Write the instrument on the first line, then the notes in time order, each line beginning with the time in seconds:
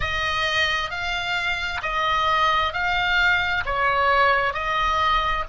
oboe
0.00 D#5
0.90 F5
1.82 D#5
2.73 F5
3.65 C#5
4.53 D#5